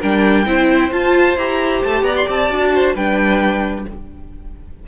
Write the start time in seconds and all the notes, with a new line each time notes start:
0.00 G3 D4 A#4 G5
0.46 C4 E4 C5
0.91 F4 A5
1.37 E4 G4 A#5
1.84 A3 A5
2.02 B3 D5 A#5
2.16 C6
2.29 C4 A5
2.50 D4 F#4
2.75 C5
2.95 G3 D4 B4 G5